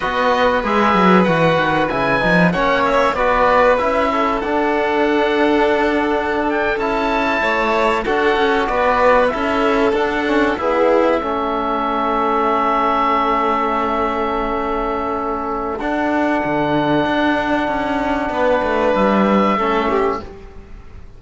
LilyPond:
<<
  \new Staff \with { instrumentName = "oboe" } { \time 4/4 \tempo 4 = 95 dis''4 e''4 fis''4 gis''4 | fis''8 e''8 d''4 e''4 fis''4~ | fis''2~ fis''16 g''8 a''4~ a''16~ | a''8. fis''4 d''4 e''4 fis''16~ |
fis''8. e''2.~ e''16~ | e''1~ | e''4 fis''2.~ | fis''2 e''2 | }
  \new Staff \with { instrumentName = "violin" } { \time 4/4 b'1 | cis''4 b'4. a'4.~ | a'2.~ a'8. cis''16~ | cis''8. a'4 b'4 a'4~ a'16~ |
a'8. gis'4 a'2~ a'16~ | a'1~ | a'1~ | a'4 b'2 a'8 g'8 | }
  \new Staff \with { instrumentName = "trombone" } { \time 4/4 fis'4 gis'4 fis'4 e'8 dis'8 | cis'4 fis'4 e'4 d'4~ | d'2~ d'8. e'4~ e'16~ | e'8. fis'2 e'4 d'16~ |
d'16 cis'8 b4 cis'2~ cis'16~ | cis'1~ | cis'4 d'2.~ | d'2. cis'4 | }
  \new Staff \with { instrumentName = "cello" } { \time 4/4 b4 gis8 fis8 e8 dis8 cis8 f8 | ais4 b4 cis'4 d'4~ | d'2~ d'8. cis'4 a16~ | a8. d'8 cis'8 b4 cis'4 d'16~ |
d'8. e'4 a2~ a16~ | a1~ | a4 d'4 d4 d'4 | cis'4 b8 a8 g4 a4 | }
>>